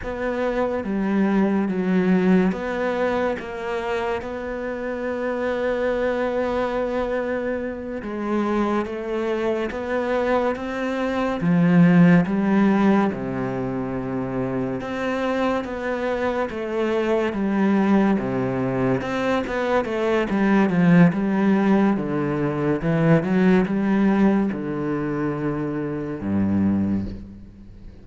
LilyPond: \new Staff \with { instrumentName = "cello" } { \time 4/4 \tempo 4 = 71 b4 g4 fis4 b4 | ais4 b2.~ | b4. gis4 a4 b8~ | b8 c'4 f4 g4 c8~ |
c4. c'4 b4 a8~ | a8 g4 c4 c'8 b8 a8 | g8 f8 g4 d4 e8 fis8 | g4 d2 g,4 | }